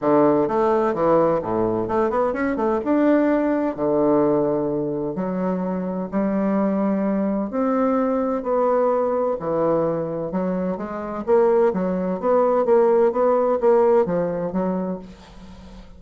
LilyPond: \new Staff \with { instrumentName = "bassoon" } { \time 4/4 \tempo 4 = 128 d4 a4 e4 a,4 | a8 b8 cis'8 a8 d'2 | d2. fis4~ | fis4 g2. |
c'2 b2 | e2 fis4 gis4 | ais4 fis4 b4 ais4 | b4 ais4 f4 fis4 | }